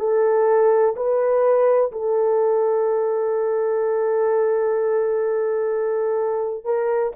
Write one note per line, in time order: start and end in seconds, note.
0.00 0.95 A4
0.97 1.92 B4
1.92 6.65 A4
6.65 7.13 A#4